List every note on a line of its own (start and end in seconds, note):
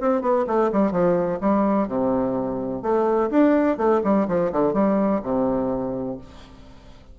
0.00 0.21 C4
0.21 0.45 B3
0.47 0.71 A3
0.72 0.91 G3
0.91 1.39 F3
1.40 1.87 G3
1.87 2.82 C3
2.82 3.30 A3
3.30 3.77 D4
3.77 4.01 A3
4.03 4.27 G3
4.28 4.52 F3
4.52 4.73 D3
4.73 5.21 G3
5.23 6.18 C3